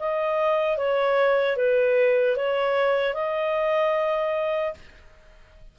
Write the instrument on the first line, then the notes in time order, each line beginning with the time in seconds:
clarinet
0.00 D#5
0.77 C#5
1.57 B4
2.37 C#5
3.15 D#5